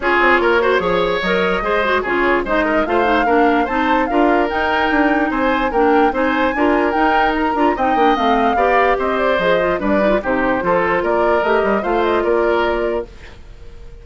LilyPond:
<<
  \new Staff \with { instrumentName = "flute" } { \time 4/4 \tempo 4 = 147 cis''2. dis''4~ | dis''4 cis''4 dis''4 f''4~ | f''4 a''4 f''4 g''4~ | g''4 gis''4 g''4 gis''4~ |
gis''4 g''4 ais''4 g''4 | f''2 dis''8 d''8 dis''4 | d''4 c''2 d''4 | dis''4 f''8 dis''8 d''2 | }
  \new Staff \with { instrumentName = "oboe" } { \time 4/4 gis'4 ais'8 c''8 cis''2 | c''4 gis'4 c''8 ais'8 c''4 | ais'4 c''4 ais'2~ | ais'4 c''4 ais'4 c''4 |
ais'2. dis''4~ | dis''4 d''4 c''2 | b'4 g'4 a'4 ais'4~ | ais'4 c''4 ais'2 | }
  \new Staff \with { instrumentName = "clarinet" } { \time 4/4 f'4. fis'8 gis'4 ais'4 | gis'8 fis'8 f'4 dis'4 f'8 dis'8 | d'4 dis'4 f'4 dis'4~ | dis'2 d'4 dis'4 |
f'4 dis'4. f'8 dis'8 d'8 | c'4 g'2 gis'8 f'8 | d'8 dis'16 f'16 dis'4 f'2 | g'4 f'2. | }
  \new Staff \with { instrumentName = "bassoon" } { \time 4/4 cis'8 c'8 ais4 f4 fis4 | gis4 cis4 gis4 a4 | ais4 c'4 d'4 dis'4 | d'4 c'4 ais4 c'4 |
d'4 dis'4. d'8 c'8 ais8 | a4 b4 c'4 f4 | g4 c4 f4 ais4 | a8 g8 a4 ais2 | }
>>